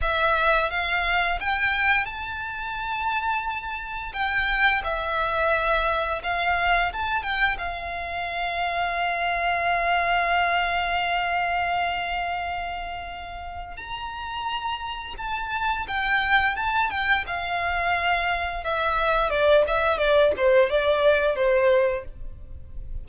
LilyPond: \new Staff \with { instrumentName = "violin" } { \time 4/4 \tempo 4 = 87 e''4 f''4 g''4 a''4~ | a''2 g''4 e''4~ | e''4 f''4 a''8 g''8 f''4~ | f''1~ |
f''1 | ais''2 a''4 g''4 | a''8 g''8 f''2 e''4 | d''8 e''8 d''8 c''8 d''4 c''4 | }